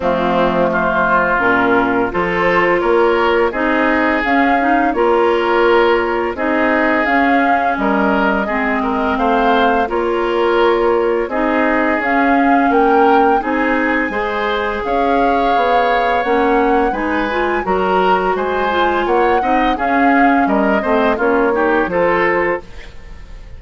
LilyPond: <<
  \new Staff \with { instrumentName = "flute" } { \time 4/4 \tempo 4 = 85 f'4 c''4 ais'4 c''4 | cis''4 dis''4 f''4 cis''4~ | cis''4 dis''4 f''4 dis''4~ | dis''4 f''4 cis''2 |
dis''4 f''4 g''4 gis''4~ | gis''4 f''2 fis''4 | gis''4 ais''4 gis''4 fis''4 | f''4 dis''4 cis''4 c''4 | }
  \new Staff \with { instrumentName = "oboe" } { \time 4/4 c'4 f'2 a'4 | ais'4 gis'2 ais'4~ | ais'4 gis'2 ais'4 | gis'8 ais'8 c''4 ais'2 |
gis'2 ais'4 gis'4 | c''4 cis''2. | b'4 ais'4 c''4 cis''8 dis''8 | gis'4 ais'8 c''8 f'8 g'8 a'4 | }
  \new Staff \with { instrumentName = "clarinet" } { \time 4/4 a2 cis'4 f'4~ | f'4 dis'4 cis'8 dis'8 f'4~ | f'4 dis'4 cis'2 | c'2 f'2 |
dis'4 cis'2 dis'4 | gis'2. cis'4 | dis'8 f'8 fis'4. f'4 dis'8 | cis'4. c'8 cis'8 dis'8 f'4 | }
  \new Staff \with { instrumentName = "bassoon" } { \time 4/4 f2 ais,4 f4 | ais4 c'4 cis'4 ais4~ | ais4 c'4 cis'4 g4 | gis4 a4 ais2 |
c'4 cis'4 ais4 c'4 | gis4 cis'4 b4 ais4 | gis4 fis4 gis4 ais8 c'8 | cis'4 g8 a8 ais4 f4 | }
>>